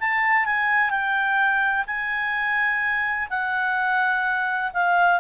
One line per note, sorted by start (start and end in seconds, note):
0.00 0.45 A5
0.45 0.90 G#5
0.90 1.85 G5
1.86 3.28 G#5
3.30 4.72 F#5
4.73 5.20 F5